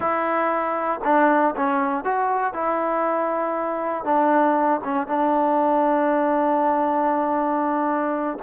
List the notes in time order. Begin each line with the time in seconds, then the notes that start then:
0.00 E4
1.04 D4
1.56 C#4
2.04 F#4
2.53 E4
4.04 D4
4.84 C#4
5.07 D4